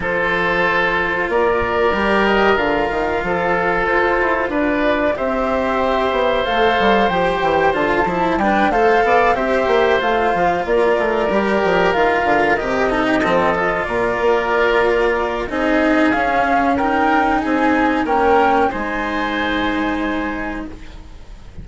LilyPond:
<<
  \new Staff \with { instrumentName = "flute" } { \time 4/4 \tempo 4 = 93 c''2 d''4. dis''8 | f''2 c''4 d''4 | e''2 f''4 g''4 | a''4 g''8 f''4 e''4 f''8~ |
f''8 d''2 f''4 dis''8~ | dis''4. d''2~ d''8 | dis''4 f''4 g''4 gis''4 | g''4 gis''2. | }
  \new Staff \with { instrumentName = "oboe" } { \time 4/4 a'2 ais'2~ | ais'4 a'2 b'4 | c''1~ | c''4 b'8 c''8 d''8 c''4.~ |
c''8 ais'2.~ ais'8 | a'16 g'16 a'4 ais'2~ ais'8 | gis'2 ais'4 gis'4 | ais'4 c''2. | }
  \new Staff \with { instrumentName = "cello" } { \time 4/4 f'2. g'4 | f'1 | g'2 a'4 g'4 | f'8 e'8 d'8 a'4 g'4 f'8~ |
f'4. g'4 f'4 g'8 | dis'8 c'8 f'2. | dis'4 cis'4 dis'2 | cis'4 dis'2. | }
  \new Staff \with { instrumentName = "bassoon" } { \time 4/4 f2 ais4 g4 | d8 dis8 f4 f'8 e'8 d'4 | c'4. b8 a8 g8 f8 e8 | d8 f8 g8 a8 b8 c'8 ais8 a8 |
f8 ais8 a8 g8 f8 dis8 d8 c8~ | c8 f4 ais,8 ais2 | c'4 cis'2 c'4 | ais4 gis2. | }
>>